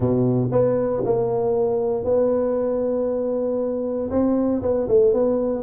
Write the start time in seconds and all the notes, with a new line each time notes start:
0.00 B2
0.51 B3
1.04 A#3
2.04 B3
4.10 C4
4.62 B3
4.88 A3
5.13 B3